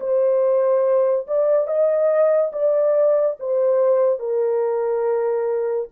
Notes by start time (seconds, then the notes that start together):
0.00 C5
1.27 D5
1.67 D#5
2.52 D5
3.39 C5
4.19 A#4